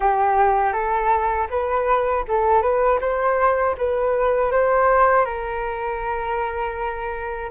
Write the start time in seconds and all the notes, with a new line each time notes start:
0.00 G4
0.72 A4
1.50 B4
2.28 A4
2.61 B4
3.00 C5
3.77 B4
4.51 C5
5.25 A#4